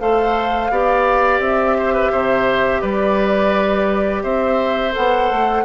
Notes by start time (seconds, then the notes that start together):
0.00 A3 A4 C5 F5
0.71 B3 G4 D5
1.40 C4 E5
1.78 C5
1.94 B4
2.12 C3 C5
2.82 G3 B4 D5
4.23 C4 C5 E5
4.92 B3 A4 F#5
5.31 A3